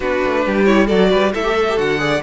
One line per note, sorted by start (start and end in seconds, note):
0.00 0.22 B3
0.00 0.66 D4
0.00 0.42 F#4
0.00 0.64 B4
0.24 0.46 A3
0.45 0.90 G3
0.45 0.86 G4
0.65 0.87 E4
0.65 0.87 C#5
0.86 1.11 F#3
0.86 1.32 F#4
0.86 1.08 A4
0.86 1.32 D5
1.10 1.34 G3
1.10 1.32 B4
1.33 1.77 A3
1.33 1.43 E4
1.33 2.00 A4
1.33 1.78 E5
1.43 1.54 G4
1.54 1.65 A4
1.69 1.76 G4
1.76 2.21 D3
1.76 1.98 F#4
1.76 2.22 F#5
1.98 2.20 G#4
1.98 2.22 D5